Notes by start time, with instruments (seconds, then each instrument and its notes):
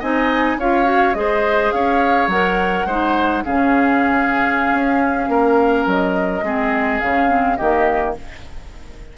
0.00 bassoon C4, clarinet D#4, oboe D#5, flute G#5
0.57 bassoon C#4, clarinet F4, oboe C#5, flute F5
0.85 clarinet F#4
1.14 bassoon G#3, clarinet G#4, oboe C5, flute D#5
1.72 bassoon C#4, oboe C#5, flute F5
2.28 bassoon F#3, clarinet A#4, flute F#5
2.86 bassoon G#3, clarinet D#4, oboe C5
3.45 bassoon C#3, clarinet C#4, oboe G#4, flute F5
4.73 bassoon C#4
5.29 bassoon A#3, oboe A#4
5.87 bassoon F#3, flute D#5
6.43 bassoon G#3, clarinet C4, oboe G#4
7.00 bassoon C#3, clarinet C#4, flute F5
7.29 clarinet C4
7.57 bassoon D#3, clarinet A#3, oboe G4, flute D#5